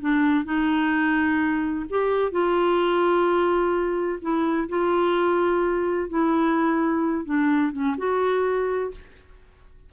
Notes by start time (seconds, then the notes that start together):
0.00 D4
0.45 D#4
1.89 G4
2.31 F4
4.21 E4
4.68 F4
6.09 E4
7.25 D4
7.72 C#4
7.97 F#4